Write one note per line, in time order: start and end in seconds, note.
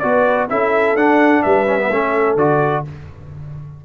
0.00 0.51 B3
0.00 0.49 F#4
0.00 0.50 B4
0.00 0.47 D5
0.50 0.95 C#4
0.50 0.97 E4
0.50 1.44 A4
0.50 0.97 E5
0.95 1.42 D4
0.95 1.67 D4
0.95 1.43 F#5
1.43 1.90 G3
1.43 1.90 B4
1.43 2.37 E5
1.67 1.79 C#4
1.79 1.90 B3
1.90 2.36 A3
1.90 2.38 C#4
1.90 2.84 A4
2.36 2.83 D3
2.36 2.85 F#4
2.36 2.85 D5